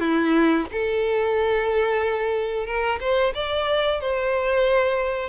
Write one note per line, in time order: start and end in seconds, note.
0.00 0.66 E4
0.72 2.66 A4
2.66 2.99 A#4
3.00 3.33 C5
3.35 4.01 D5
4.01 5.29 C5